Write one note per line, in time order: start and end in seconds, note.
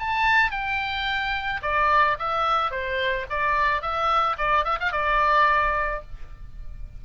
0.00 0.51 A5
0.51 1.61 G5
1.63 2.18 D5
2.19 2.71 E5
2.71 3.26 C5
3.30 3.82 D5
3.82 4.37 E5
4.38 4.65 D5
4.65 4.79 E5
4.80 4.92 F5
4.92 6.02 D5